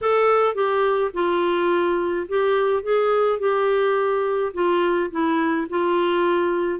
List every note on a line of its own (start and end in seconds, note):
0.01 0.54 A4
0.54 1.11 G4
1.13 2.26 F4
2.28 2.83 G4
2.83 3.39 G#4
3.39 4.52 G4
4.53 5.10 F4
5.10 5.67 E4
5.69 6.79 F4